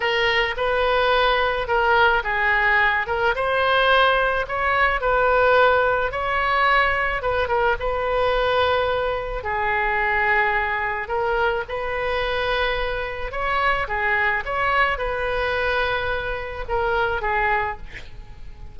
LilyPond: \new Staff \with { instrumentName = "oboe" } { \time 4/4 \tempo 4 = 108 ais'4 b'2 ais'4 | gis'4. ais'8 c''2 | cis''4 b'2 cis''4~ | cis''4 b'8 ais'8 b'2~ |
b'4 gis'2. | ais'4 b'2. | cis''4 gis'4 cis''4 b'4~ | b'2 ais'4 gis'4 | }